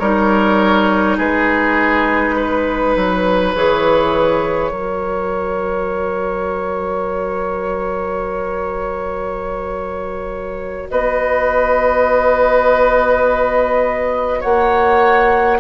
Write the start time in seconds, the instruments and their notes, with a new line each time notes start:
0.00 bassoon G3, clarinet D#4, oboe A#4, flute C#5
1.18 bassoon G#3, oboe G#4, flute B4
2.37 oboe B4
2.96 bassoon F#3
3.55 bassoon E3, clarinet G#4, flute C#5
4.70 bassoon F#3, clarinet F#4, oboe A#4
10.90 bassoon B3, oboe B4, flute D#5
14.40 bassoon A#3, oboe C#5, flute F#5